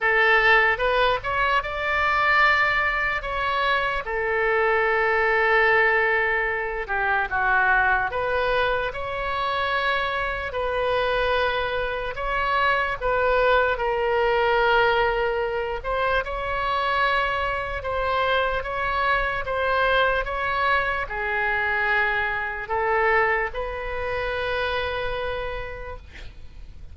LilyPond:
\new Staff \with { instrumentName = "oboe" } { \time 4/4 \tempo 4 = 74 a'4 b'8 cis''8 d''2 | cis''4 a'2.~ | a'8 g'8 fis'4 b'4 cis''4~ | cis''4 b'2 cis''4 |
b'4 ais'2~ ais'8 c''8 | cis''2 c''4 cis''4 | c''4 cis''4 gis'2 | a'4 b'2. | }